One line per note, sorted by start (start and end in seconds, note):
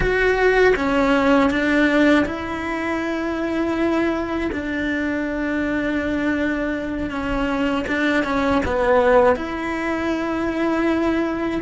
0.00 0.74 F#4
0.75 1.50 C#4
1.50 2.25 D4
2.25 4.50 E4
4.51 7.10 D4
7.10 7.85 C#4
7.87 8.24 D4
8.24 8.61 C#4
8.65 9.36 B3
9.36 11.61 E4